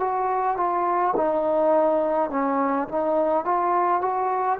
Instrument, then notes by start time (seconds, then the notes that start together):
trombone
0.00 F#4
0.57 F4
1.17 D#4
2.30 C#4
2.89 D#4
3.45 F4
4.01 F#4